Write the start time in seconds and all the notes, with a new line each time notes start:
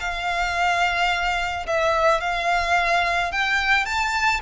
0.00 F5
1.67 E5
2.21 F5
3.32 G5
3.86 A5